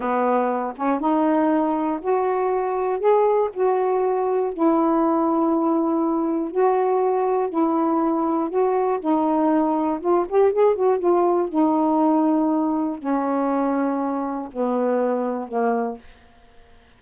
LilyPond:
\new Staff \with { instrumentName = "saxophone" } { \time 4/4 \tempo 4 = 120 b4. cis'8 dis'2 | fis'2 gis'4 fis'4~ | fis'4 e'2.~ | e'4 fis'2 e'4~ |
e'4 fis'4 dis'2 | f'8 g'8 gis'8 fis'8 f'4 dis'4~ | dis'2 cis'2~ | cis'4 b2 ais4 | }